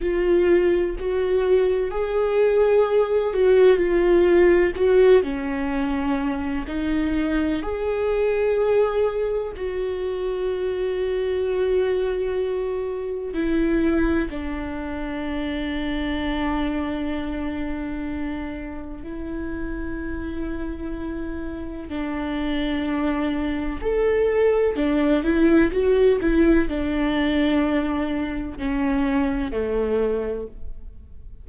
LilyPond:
\new Staff \with { instrumentName = "viola" } { \time 4/4 \tempo 4 = 63 f'4 fis'4 gis'4. fis'8 | f'4 fis'8 cis'4. dis'4 | gis'2 fis'2~ | fis'2 e'4 d'4~ |
d'1 | e'2. d'4~ | d'4 a'4 d'8 e'8 fis'8 e'8 | d'2 cis'4 a4 | }